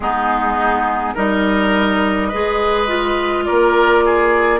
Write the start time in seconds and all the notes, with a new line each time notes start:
0.00 G#3 B3 D#4 G#4
1.14 G3 D#4 A#4 D#5
2.28 G#3 G#4 B4
2.87 F4
3.44 A#3 A#4 D5
4.05 G#4